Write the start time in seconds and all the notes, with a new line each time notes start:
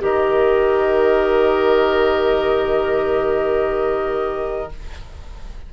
0.00 D#3 G4 A#4 D#5